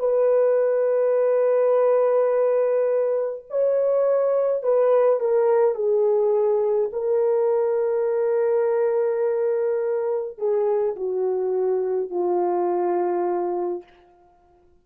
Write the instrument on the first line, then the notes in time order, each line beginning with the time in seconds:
horn
0.00 B4
3.50 C#5
4.63 B4
5.20 A#4
5.75 G#4
6.93 A#4
10.38 G#4
10.97 F#4
12.10 F4